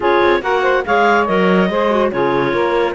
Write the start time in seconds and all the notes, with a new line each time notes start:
0.00 C#4 F4 G#4 C#5
0.23 C4
0.41 A#3 F#4 A#4 F#5
0.62 C5
0.85 G#3 G#4 C#5 F5
1.25 F#3 A#4 D#5
1.69 G#3 G#4 C5
1.90 F#4
2.10 C#3 F4 G#4 C#5
2.51 A#3 A#4